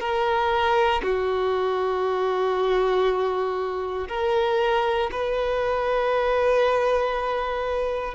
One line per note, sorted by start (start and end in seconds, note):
0.00 1.02 A#4
1.03 4.08 F#4
4.09 5.10 A#4
5.11 8.14 B4